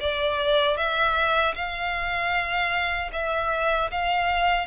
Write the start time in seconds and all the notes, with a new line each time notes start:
0.00 D5
0.77 E5
1.54 F5
3.12 E5
3.91 F5